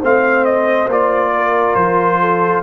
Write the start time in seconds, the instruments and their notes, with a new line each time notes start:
0.00 tuba A3, trombone C4, horn C5, trumpet F5
0.45 trumpet D#5
0.88 tuba A#3, trombone F4, trumpet D5
1.35 horn A#4
1.75 tuba F3, trumpet C5
2.21 horn A4